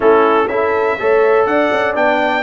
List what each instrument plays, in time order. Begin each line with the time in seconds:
0.00 tuba A3, trombone C#4, horn E4, trumpet A4
0.47 tuba C#4, trombone E4, horn A4, trumpet E5
0.99 tuba A3, trombone A4, horn C#5
1.46 tuba D4, horn D5, trumpet F#5
1.71 tuba C#4
1.94 tuba B3, trombone D4, trumpet G5